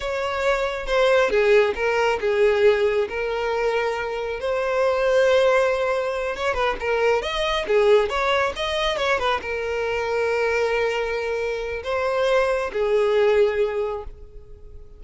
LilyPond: \new Staff \with { instrumentName = "violin" } { \time 4/4 \tempo 4 = 137 cis''2 c''4 gis'4 | ais'4 gis'2 ais'4~ | ais'2 c''2~ | c''2~ c''8 cis''8 b'8 ais'8~ |
ais'8 dis''4 gis'4 cis''4 dis''8~ | dis''8 cis''8 b'8 ais'2~ ais'8~ | ais'2. c''4~ | c''4 gis'2. | }